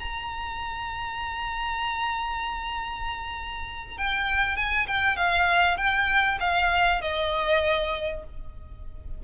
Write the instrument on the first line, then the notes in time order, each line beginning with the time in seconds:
violin
0.00 A#5
3.98 G5
4.57 G#5
4.88 G5
5.17 F5
5.77 G5
6.40 F5
7.02 D#5